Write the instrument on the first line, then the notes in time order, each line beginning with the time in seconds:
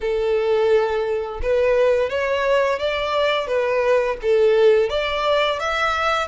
violin
0.01 A4
1.41 B4
2.09 C#5
2.79 D5
3.47 B4
4.21 A4
4.89 D5
5.59 E5